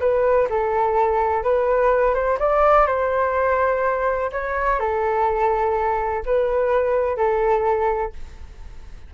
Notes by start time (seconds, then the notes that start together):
0.00 B4
0.50 A4
1.43 B4
2.14 C5
2.39 D5
2.86 C5
4.32 C#5
4.79 A4
6.26 B4
7.17 A4